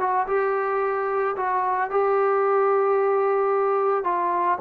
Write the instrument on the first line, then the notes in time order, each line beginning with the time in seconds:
trombone
0.00 F#4
0.28 G4
1.37 F#4
1.91 G4
4.05 F4